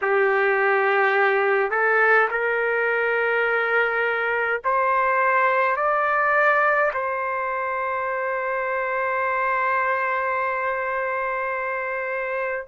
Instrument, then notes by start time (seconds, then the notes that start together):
trumpet
0.01 G4
1.70 A4
2.30 A#4
4.64 C5
5.76 D5
6.93 C5